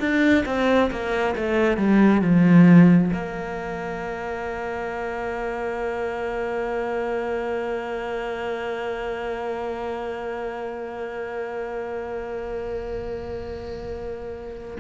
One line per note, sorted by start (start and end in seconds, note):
0.00 0.45 D4
0.46 0.90 C4
0.91 1.36 A#3
1.36 1.77 A3
1.77 2.22 G3
2.22 3.11 F3
3.13 14.78 A#3